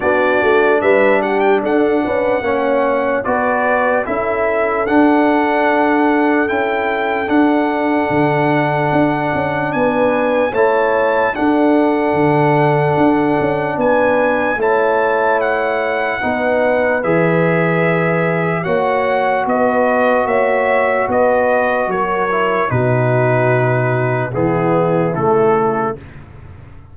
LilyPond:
<<
  \new Staff \with { instrumentName = "trumpet" } { \time 4/4 \tempo 4 = 74 d''4 e''8 fis''16 g''16 fis''2 | d''4 e''4 fis''2 | g''4 fis''2. | gis''4 a''4 fis''2~ |
fis''4 gis''4 a''4 fis''4~ | fis''4 e''2 fis''4 | dis''4 e''4 dis''4 cis''4 | b'2 gis'4 a'4 | }
  \new Staff \with { instrumentName = "horn" } { \time 4/4 fis'4 b'8 g'8 a'8 b'8 cis''4 | b'4 a'2.~ | a'1 | b'4 cis''4 a'2~ |
a'4 b'4 cis''2 | b'2. cis''4 | b'4 cis''4 b'4 ais'4 | fis'2 e'2 | }
  \new Staff \with { instrumentName = "trombone" } { \time 4/4 d'2. cis'4 | fis'4 e'4 d'2 | e'4 d'2.~ | d'4 e'4 d'2~ |
d'2 e'2 | dis'4 gis'2 fis'4~ | fis'2.~ fis'8 e'8 | dis'2 b4 a4 | }
  \new Staff \with { instrumentName = "tuba" } { \time 4/4 b8 a8 g4 d'8 cis'8 ais4 | b4 cis'4 d'2 | cis'4 d'4 d4 d'8 cis'8 | b4 a4 d'4 d4 |
d'8 cis'8 b4 a2 | b4 e2 ais4 | b4 ais4 b4 fis4 | b,2 e4 cis4 | }
>>